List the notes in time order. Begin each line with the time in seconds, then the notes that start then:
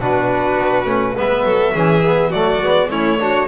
0.00 B2 D4 F#4 B4
0.57 B3
0.85 A3 C#4
1.16 G#3 B3 B4 E5
1.44 F#3 A4
1.73 E3 C#4 G#4
2.04 B3
2.30 F#3 A3 F#4 D5
2.62 G#3 B3
2.90 A3 C#4 E4 C#5
3.20 D4 F#4